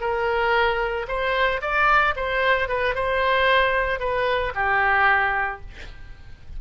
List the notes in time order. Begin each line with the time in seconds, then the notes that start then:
0.00 A#4
1.08 C5
1.61 D5
2.16 C5
2.68 B4
2.95 C5
3.99 B4
4.54 G4